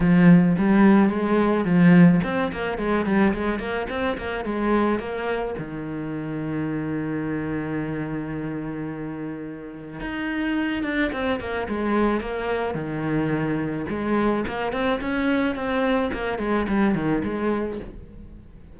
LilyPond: \new Staff \with { instrumentName = "cello" } { \time 4/4 \tempo 4 = 108 f4 g4 gis4 f4 | c'8 ais8 gis8 g8 gis8 ais8 c'8 ais8 | gis4 ais4 dis2~ | dis1~ |
dis2 dis'4. d'8 | c'8 ais8 gis4 ais4 dis4~ | dis4 gis4 ais8 c'8 cis'4 | c'4 ais8 gis8 g8 dis8 gis4 | }